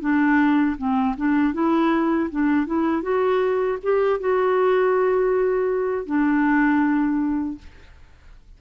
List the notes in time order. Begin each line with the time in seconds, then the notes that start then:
0.00 D4
0.77 C4
1.17 D4
1.53 E4
2.30 D4
2.66 E4
3.02 F#4
3.83 G4
4.20 F#4
6.06 D4